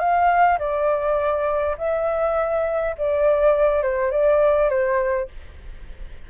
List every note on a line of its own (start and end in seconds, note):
0.00 0.59 F5
0.59 1.76 D5
1.78 2.96 E5
2.98 3.83 D5
3.83 4.11 C5
4.11 4.70 D5
4.70 5.29 C5